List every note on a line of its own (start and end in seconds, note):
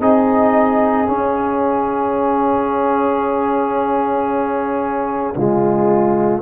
0.00 1.07 C4
0.00 1.06 D#4
0.00 5.36 G#4
0.00 1.09 D#5
1.06 5.35 C#4
1.06 6.42 F5
5.35 6.42 C#3
5.35 6.42 G#3
5.35 6.42 F4